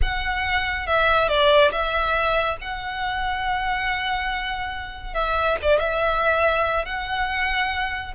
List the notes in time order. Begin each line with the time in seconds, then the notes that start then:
0.01 F#5
0.86 E5
1.28 D5
1.71 E5
2.61 F#5
5.14 E5
5.61 D5
5.79 E5
6.85 F#5